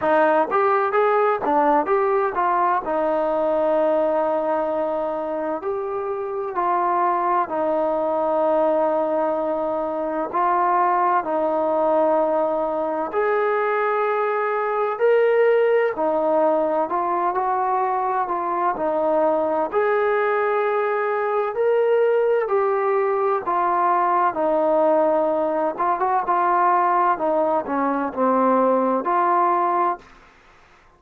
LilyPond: \new Staff \with { instrumentName = "trombone" } { \time 4/4 \tempo 4 = 64 dis'8 g'8 gis'8 d'8 g'8 f'8 dis'4~ | dis'2 g'4 f'4 | dis'2. f'4 | dis'2 gis'2 |
ais'4 dis'4 f'8 fis'4 f'8 | dis'4 gis'2 ais'4 | g'4 f'4 dis'4. f'16 fis'16 | f'4 dis'8 cis'8 c'4 f'4 | }